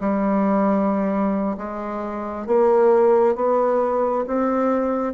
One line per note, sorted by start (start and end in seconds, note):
0.00 1.57 G3
1.57 2.47 G#3
2.47 3.35 A#3
3.35 4.25 B3
4.27 5.13 C4